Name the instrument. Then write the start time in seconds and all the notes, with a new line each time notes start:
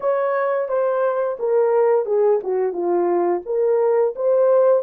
horn
0.00 C#5
0.68 C5
1.39 A#4
2.05 G#4
2.43 F#4
2.72 F4
3.45 A#4
4.15 C5